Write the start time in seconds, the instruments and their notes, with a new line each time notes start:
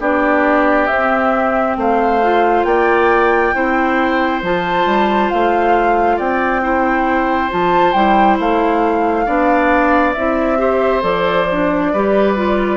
0.00 bassoon B3, clarinet D4, oboe G4, flute D5
0.87 bassoon C4, clarinet C4, flute E5
1.77 bassoon A3, oboe C5, flute F5
2.22 clarinet F4
2.64 bassoon A#3, oboe D5, flute G5
3.54 bassoon C4, clarinet E4, oboe C5
4.42 bassoon F3, clarinet F4, flute A5
4.86 bassoon G3
5.30 bassoon A3, flute F5
6.17 bassoon C4, oboe D5, flute G5
6.62 clarinet E4, oboe C5
7.50 bassoon F3, clarinet F4, flute A5
7.93 bassoon G3, clarinet E4, flute G5
8.39 bassoon A3, flute F5
9.25 bassoon B3, clarinet D4, oboe D5
10.13 bassoon C4, clarinet E4, flute E5
10.58 clarinet G4, oboe C5
11.01 bassoon F3, clarinet A4, flute D5
11.52 clarinet D4
11.92 bassoon G3, clarinet G4, oboe B4
12.36 clarinet F4